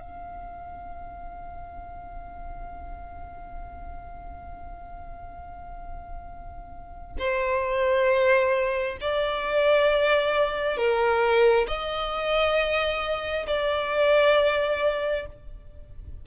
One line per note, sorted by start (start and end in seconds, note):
0.00 7.16 F5
7.18 8.98 C5
9.01 10.77 D5
10.77 11.67 A#4
11.67 13.47 D#5
13.47 15.26 D5